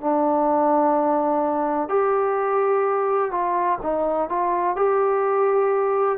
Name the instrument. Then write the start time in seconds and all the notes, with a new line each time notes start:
trombone
0.00 D4
1.88 G4
3.31 F4
3.82 D#4
4.29 F4
4.76 G4